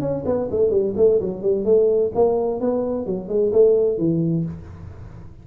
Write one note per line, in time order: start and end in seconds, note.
0.00 0.23 C#4
0.25 0.49 B3
0.50 0.70 A3
0.70 0.93 G3
0.96 1.20 A3
1.20 1.41 F#3
1.41 1.64 G3
1.64 2.11 A3
2.14 2.60 A#3
2.60 3.06 B3
3.06 3.28 F#3
3.28 3.51 G#3
3.52 3.98 A3
3.98 4.44 E3